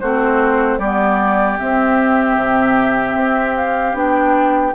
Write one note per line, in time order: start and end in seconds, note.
0.00 0.78 A3
0.00 0.81 C4
0.00 0.79 F#4
0.00 0.79 C5
0.78 1.57 G3
0.78 1.58 B3
0.78 4.74 G4
0.78 1.58 D5
1.58 3.93 C4
1.58 2.36 C4
1.58 3.56 E5
2.36 3.15 C3
3.15 3.94 C4
3.56 3.96 F5
3.93 4.73 B3
3.93 4.72 D4
3.93 4.75 G5